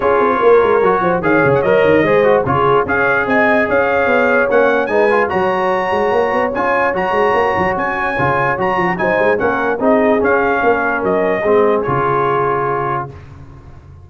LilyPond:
<<
  \new Staff \with { instrumentName = "trumpet" } { \time 4/4 \tempo 4 = 147 cis''2. f''8. fis''16 | dis''2 cis''4 f''4 | gis''4 f''2 fis''4 | gis''4 ais''2. |
gis''4 ais''2 gis''4~ | gis''4 ais''4 gis''4 fis''4 | dis''4 f''2 dis''4~ | dis''4 cis''2. | }
  \new Staff \with { instrumentName = "horn" } { \time 4/4 gis'4 ais'4. c''8 cis''4~ | cis''4 c''4 gis'4 cis''4 | dis''4 cis''2. | b'4 cis''2.~ |
cis''1~ | cis''2 c''4 ais'4 | gis'2 ais'2 | gis'1 | }
  \new Staff \with { instrumentName = "trombone" } { \time 4/4 f'2 fis'4 gis'4 | ais'4 gis'8 fis'8 f'4 gis'4~ | gis'2. cis'4 | dis'8 f'8 fis'2. |
f'4 fis'2. | f'4 fis'4 dis'4 cis'4 | dis'4 cis'2. | c'4 f'2. | }
  \new Staff \with { instrumentName = "tuba" } { \time 4/4 cis'8 c'8 ais8 gis8 fis8 f8 dis8 cis8 | fis8 dis8 gis4 cis4 cis'4 | c'4 cis'4 b4 ais4 | gis4 fis4. gis8 ais8 b8 |
cis'4 fis8 gis8 ais8 fis8 cis'4 | cis4 fis8 f8 fis8 gis8 ais4 | c'4 cis'4 ais4 fis4 | gis4 cis2. | }
>>